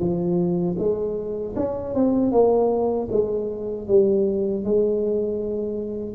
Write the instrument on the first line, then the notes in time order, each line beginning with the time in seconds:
tuba
0.00 F3
0.79 G#3
1.56 C#4
1.95 C4
2.32 A#3
3.12 G#3
3.88 G3
4.65 G#3